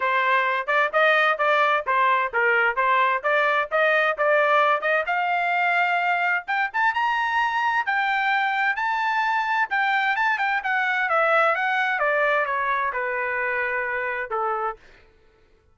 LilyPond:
\new Staff \with { instrumentName = "trumpet" } { \time 4/4 \tempo 4 = 130 c''4. d''8 dis''4 d''4 | c''4 ais'4 c''4 d''4 | dis''4 d''4. dis''8 f''4~ | f''2 g''8 a''8 ais''4~ |
ais''4 g''2 a''4~ | a''4 g''4 a''8 g''8 fis''4 | e''4 fis''4 d''4 cis''4 | b'2. a'4 | }